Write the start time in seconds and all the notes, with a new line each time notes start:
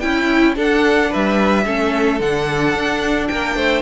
0.00 C#4 E4 G5
0.55 D4 A4
0.61 F#5
1.10 G3 B4 E5
1.65 A3 C#4 A4
2.20 D3 D4 F#5
2.74 D4
3.28 A#3 A#4 G5
3.56 A3 C5